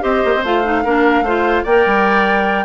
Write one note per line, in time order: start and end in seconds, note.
0.00 0.24 C4
0.00 0.41 G4
0.00 0.84 C5
0.00 0.44 D#5
0.25 0.35 A#3
0.36 0.44 C4
0.44 0.84 A3
0.44 0.64 F4
0.44 1.65 F5
0.64 0.84 D#4
0.84 1.22 A#3
0.84 1.26 D4
0.84 1.24 A#4
1.22 1.62 A3
1.22 1.67 F4
1.22 1.64 C5
1.64 1.86 A#3
1.64 2.65 A#4
1.64 2.65 D5
1.64 2.65 G5
1.86 2.65 G3